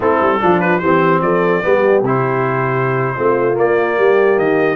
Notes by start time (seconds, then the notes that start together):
0.00 A3 C4 E4 A4
0.21 G3
0.40 F3 D4 F4
0.60 B4
0.78 E3 C4 G4 C5
1.21 F3 A4 D5
1.63 G3 B3 G4
2.02 C3 E4 C5
3.16 A3 C4 F4
3.53 A#3 D5
3.97 G3 G4
4.37 D#3 D#5